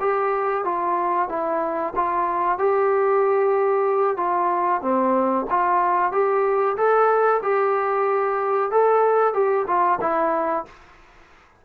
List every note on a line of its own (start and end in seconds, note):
0.00 0.65 G4
0.65 1.29 F4
1.29 1.93 E4
1.96 2.58 F4
2.58 4.17 G4
4.17 4.81 F4
4.82 5.46 C4
5.50 6.12 F4
6.12 6.76 G4
6.77 7.41 A4
7.42 8.71 G4
8.71 9.33 A4
9.33 9.66 G4
9.67 9.99 F4
10.01 10.65 E4